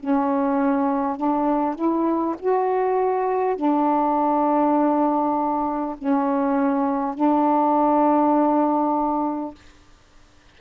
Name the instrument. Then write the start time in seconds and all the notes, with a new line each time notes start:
saxophone
0.00 C#4
1.17 D4
1.76 E4
2.39 F#4
3.56 D4
5.98 C#4
7.16 D4